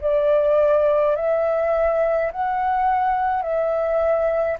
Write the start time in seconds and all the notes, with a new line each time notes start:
0.00 D5
1.15 E5
2.31 F#5
3.42 E5